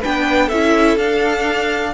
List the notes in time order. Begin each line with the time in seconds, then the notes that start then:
0.00 B3 D4 B4 G5
0.46 C#4 A4 E5
0.53 E4
0.97 D4 F5